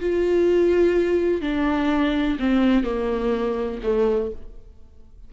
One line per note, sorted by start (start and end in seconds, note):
0.00 1.41 F4
1.41 2.38 D4
2.39 2.83 C4
2.83 3.80 A#3
3.83 4.31 A3